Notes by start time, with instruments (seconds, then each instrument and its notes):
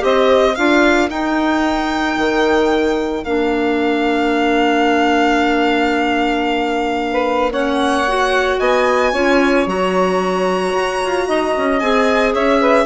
0.00 bassoon C4, clarinet G4, saxophone C5, violin D#5
0.55 bassoon D4, clarinet F4, saxophone A#4, violin F5
1.09 clarinet D#4, bassoon D#4, violin G5
2.17 bassoon D#3
3.23 bassoon A#3, clarinet D4, violin F5
7.12 saxophone B4
7.51 clarinet C#4, saxophone C#5, violin F#5
8.08 clarinet F#4
8.59 bassoon B3, saxophone D#5, violin G#5
9.12 bassoon C#4, clarinet F4, saxophone C#5
9.67 bassoon F#3, clarinet F#4, violin A#5
10.74 bassoon F#4
11.05 bassoon F4
11.27 bassoon D#4, saxophone D#5
11.57 bassoon C#4
11.79 bassoon C4, clarinet G#4, violin G#5
12.33 bassoon C#4, saxophone C#5, violin E5
12.60 saxophone B4